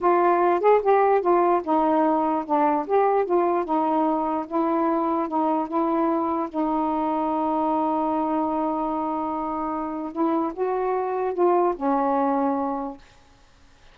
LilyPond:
\new Staff \with { instrumentName = "saxophone" } { \time 4/4 \tempo 4 = 148 f'4. gis'8 g'4 f'4 | dis'2 d'4 g'4 | f'4 dis'2 e'4~ | e'4 dis'4 e'2 |
dis'1~ | dis'1~ | dis'4 e'4 fis'2 | f'4 cis'2. | }